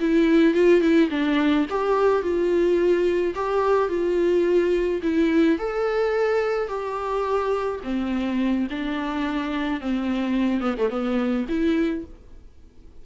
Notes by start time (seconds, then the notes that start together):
0.00 E4
0.54 F4
0.81 E4
1.10 D4
1.69 G4
2.22 F4
3.35 G4
3.88 F4
5.02 E4
5.58 A4
6.68 G4
7.83 C4
8.70 D4
9.80 C4
10.61 B3
10.77 A3
10.90 B3
11.49 E4